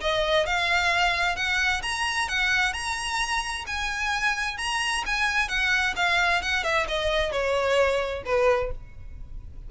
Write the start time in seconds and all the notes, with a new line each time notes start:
0.00 D#5
0.46 F5
1.36 F#5
1.82 A#5
2.28 F#5
2.73 A#5
3.66 G#5
4.58 A#5
5.06 G#5
5.48 F#5
5.96 F5
6.42 F#5
6.63 E5
6.88 D#5
7.31 C#5
8.25 B4